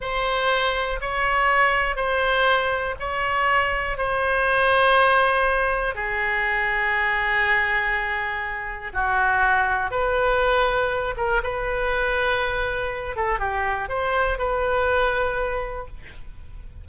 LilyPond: \new Staff \with { instrumentName = "oboe" } { \time 4/4 \tempo 4 = 121 c''2 cis''2 | c''2 cis''2 | c''1 | gis'1~ |
gis'2 fis'2 | b'2~ b'8 ais'8 b'4~ | b'2~ b'8 a'8 g'4 | c''4 b'2. | }